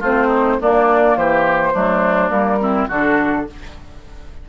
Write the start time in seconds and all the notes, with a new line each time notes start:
0.00 A3 C4 F4 C5
0.27 D#4
0.60 A#3 D4 D5
1.16 E3 G4 C5
1.73 F#3 A3 D4
2.29 G3 A#3 A#4
2.60 C4 E4
2.88 D3 D4 F#4 A4